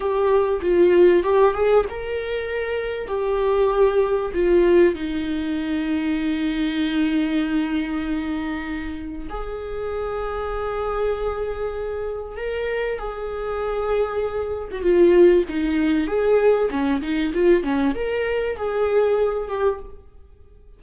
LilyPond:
\new Staff \with { instrumentName = "viola" } { \time 4/4 \tempo 4 = 97 g'4 f'4 g'8 gis'8 ais'4~ | ais'4 g'2 f'4 | dis'1~ | dis'2. gis'4~ |
gis'1 | ais'4 gis'2~ gis'8. fis'16 | f'4 dis'4 gis'4 cis'8 dis'8 | f'8 cis'8 ais'4 gis'4. g'8 | }